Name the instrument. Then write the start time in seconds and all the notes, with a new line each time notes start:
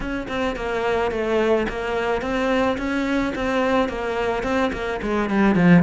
cello
0.00 C#4
0.28 C4
0.56 A#3
1.11 A3
1.68 A#3
2.21 C4
2.77 C#4
3.35 C4
3.88 A#3
4.43 C4
4.72 A#3
5.02 G#3
5.29 G3
5.55 F3